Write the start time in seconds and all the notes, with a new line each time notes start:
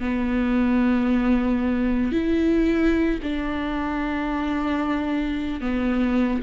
0.00 B3
2.12 E4
3.23 D4
5.62 B3